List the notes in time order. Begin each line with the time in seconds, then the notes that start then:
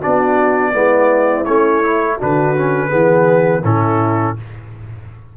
0.00 B3 D4 F#4 D5
0.73 G#3 B3 E4
1.45 A3 C#4 C#5
1.83 E4
2.18 D3 D4 F#4 B4
2.56 C#4
2.89 E3 B3 G#4
3.64 A2 C#4 E4 A4